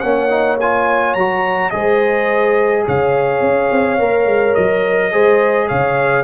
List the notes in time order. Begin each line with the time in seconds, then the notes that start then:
0.00 A#3 C#4 C#5 F#5
0.29 D#4
0.60 F4 G#5
1.14 F#3 F#4 A#5
1.70 G#3 G#4 C5 D#5
2.86 C#3 C#5 F5
3.41 C#4
3.71 C4
3.98 A#3 A#4
4.26 G#3
4.54 F#3 D#5
5.11 G#3 G#4 C5
5.68 C#3 C#5 F5